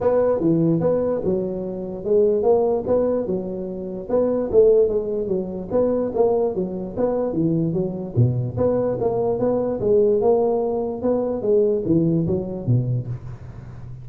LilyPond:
\new Staff \with { instrumentName = "tuba" } { \time 4/4 \tempo 4 = 147 b4 e4 b4 fis4~ | fis4 gis4 ais4 b4 | fis2 b4 a4 | gis4 fis4 b4 ais4 |
fis4 b4 e4 fis4 | b,4 b4 ais4 b4 | gis4 ais2 b4 | gis4 e4 fis4 b,4 | }